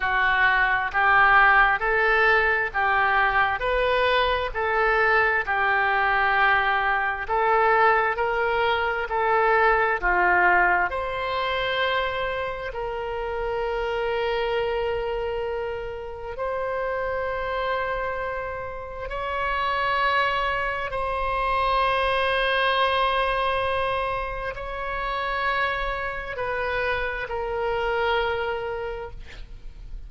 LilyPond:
\new Staff \with { instrumentName = "oboe" } { \time 4/4 \tempo 4 = 66 fis'4 g'4 a'4 g'4 | b'4 a'4 g'2 | a'4 ais'4 a'4 f'4 | c''2 ais'2~ |
ais'2 c''2~ | c''4 cis''2 c''4~ | c''2. cis''4~ | cis''4 b'4 ais'2 | }